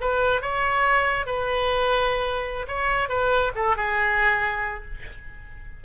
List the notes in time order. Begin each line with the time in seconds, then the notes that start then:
0.00 B4
0.41 C#5
1.26 B4
2.67 C#5
3.09 B4
3.55 A4
3.76 G#4